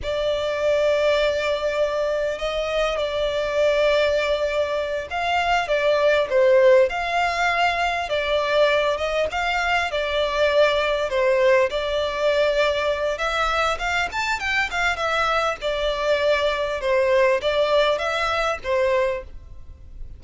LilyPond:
\new Staff \with { instrumentName = "violin" } { \time 4/4 \tempo 4 = 100 d''1 | dis''4 d''2.~ | d''8 f''4 d''4 c''4 f''8~ | f''4. d''4. dis''8 f''8~ |
f''8 d''2 c''4 d''8~ | d''2 e''4 f''8 a''8 | g''8 f''8 e''4 d''2 | c''4 d''4 e''4 c''4 | }